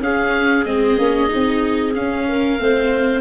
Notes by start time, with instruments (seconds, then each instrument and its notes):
0.00 tuba C#4, viola C#4, clarinet G#4, oboe F5
0.65 tuba G#3, viola C4, oboe D#5
0.97 tuba A#3, viola C#4
1.27 viola D#4
1.34 tuba C4
1.94 viola C#4, tuba C#4, oboe F5
2.28 clarinet A#4
2.58 tuba A3, viola C4, clarinet C5